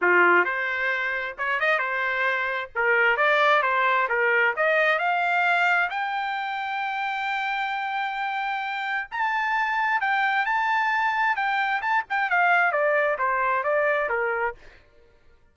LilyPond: \new Staff \with { instrumentName = "trumpet" } { \time 4/4 \tempo 4 = 132 f'4 c''2 cis''8 dis''8 | c''2 ais'4 d''4 | c''4 ais'4 dis''4 f''4~ | f''4 g''2.~ |
g''1 | a''2 g''4 a''4~ | a''4 g''4 a''8 g''8 f''4 | d''4 c''4 d''4 ais'4 | }